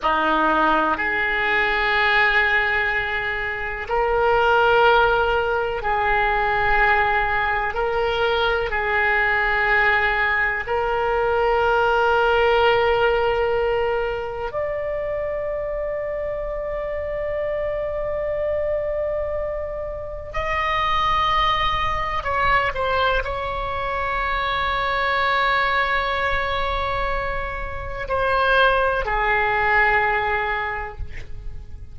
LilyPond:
\new Staff \with { instrumentName = "oboe" } { \time 4/4 \tempo 4 = 62 dis'4 gis'2. | ais'2 gis'2 | ais'4 gis'2 ais'4~ | ais'2. d''4~ |
d''1~ | d''4 dis''2 cis''8 c''8 | cis''1~ | cis''4 c''4 gis'2 | }